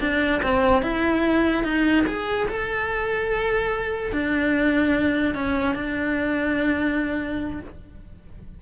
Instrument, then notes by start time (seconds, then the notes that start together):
cello
0.00 D4
0.42 C4
0.82 E4
1.64 D#4
2.06 G#4
2.48 A4
4.12 D4
5.34 C#4
5.75 D4